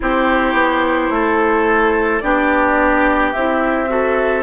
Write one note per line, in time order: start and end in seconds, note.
0.00 0.53 C4
0.00 2.21 E4
0.00 1.13 G4
0.00 2.19 C5
0.53 1.08 B3
1.09 2.21 A3
1.09 2.23 A4
2.19 3.34 B3
2.19 3.33 D4
2.19 3.90 G4
2.19 3.31 D5
3.31 4.42 C4
3.31 3.87 E4
3.31 4.42 E5
3.87 4.42 F#4
3.87 4.42 A4